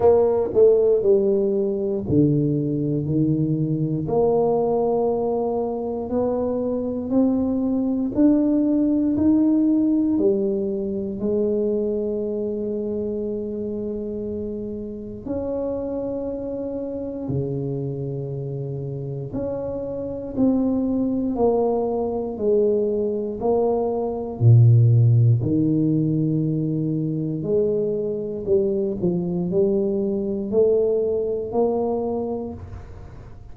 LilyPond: \new Staff \with { instrumentName = "tuba" } { \time 4/4 \tempo 4 = 59 ais8 a8 g4 d4 dis4 | ais2 b4 c'4 | d'4 dis'4 g4 gis4~ | gis2. cis'4~ |
cis'4 cis2 cis'4 | c'4 ais4 gis4 ais4 | ais,4 dis2 gis4 | g8 f8 g4 a4 ais4 | }